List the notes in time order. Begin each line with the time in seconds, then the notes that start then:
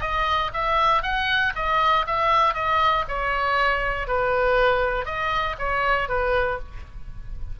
0.00 D#5
0.53 E5
1.02 F#5
1.55 D#5
2.06 E5
2.54 D#5
3.08 C#5
4.07 B4
5.05 D#5
5.58 C#5
6.08 B4